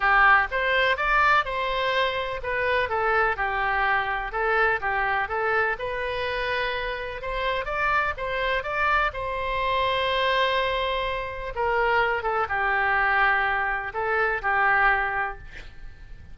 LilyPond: \new Staff \with { instrumentName = "oboe" } { \time 4/4 \tempo 4 = 125 g'4 c''4 d''4 c''4~ | c''4 b'4 a'4 g'4~ | g'4 a'4 g'4 a'4 | b'2. c''4 |
d''4 c''4 d''4 c''4~ | c''1 | ais'4. a'8 g'2~ | g'4 a'4 g'2 | }